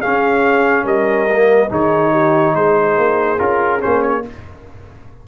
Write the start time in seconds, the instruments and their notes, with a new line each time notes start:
0.00 trombone C#4, tuba C#4, horn G#4, trumpet F5
0.83 tuba G3, horn A#4, trumpet D#5
1.31 trombone A#3
1.69 tuba D#3, trombone D#4, horn G#4, trumpet C#5
2.12 horn G4
2.55 tuba G#3, horn G#4, trumpet C5
2.97 tuba A#3
3.38 tuba C#4, trombone F4, trumpet A#4
3.80 tuba A#3, trombone C#4, trumpet C5
4.02 trumpet C#5